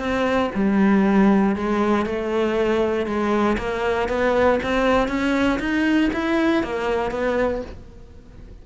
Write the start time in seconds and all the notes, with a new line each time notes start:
0.00 C4
0.55 G3
1.56 G#3
2.06 A3
3.06 G#3
3.58 A#3
4.09 B3
4.64 C4
5.08 C#4
5.60 D#4
6.13 E4
6.64 A#3
7.12 B3